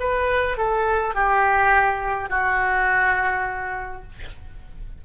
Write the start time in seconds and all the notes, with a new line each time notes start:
0.00 B4
0.58 A4
1.14 G4
2.29 F#4